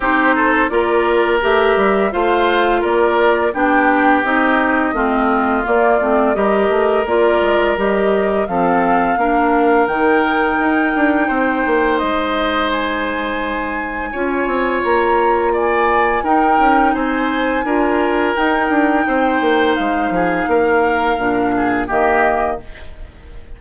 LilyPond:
<<
  \new Staff \with { instrumentName = "flute" } { \time 4/4 \tempo 4 = 85 c''4 d''4 e''4 f''4 | d''4 g''4 dis''2 | d''4 dis''4 d''4 dis''4 | f''2 g''2~ |
g''4 dis''4 gis''2~ | gis''4 ais''4 gis''4 g''4 | gis''2 g''2 | f''2. dis''4 | }
  \new Staff \with { instrumentName = "oboe" } { \time 4/4 g'8 a'8 ais'2 c''4 | ais'4 g'2 f'4~ | f'4 ais'2. | a'4 ais'2. |
c''1 | cis''2 d''4 ais'4 | c''4 ais'2 c''4~ | c''8 gis'8 ais'4. gis'8 g'4 | }
  \new Staff \with { instrumentName = "clarinet" } { \time 4/4 dis'4 f'4 g'4 f'4~ | f'4 d'4 dis'4 c'4 | ais8 c'8 g'4 f'4 g'4 | c'4 d'4 dis'2~ |
dis'1 | f'2. dis'4~ | dis'4 f'4 dis'2~ | dis'2 d'4 ais4 | }
  \new Staff \with { instrumentName = "bassoon" } { \time 4/4 c'4 ais4 a8 g8 a4 | ais4 b4 c'4 a4 | ais8 a8 g8 a8 ais8 gis8 g4 | f4 ais4 dis4 dis'8 d'8 |
c'8 ais8 gis2. | cis'8 c'8 ais2 dis'8 cis'8 | c'4 d'4 dis'8 d'8 c'8 ais8 | gis8 f8 ais4 ais,4 dis4 | }
>>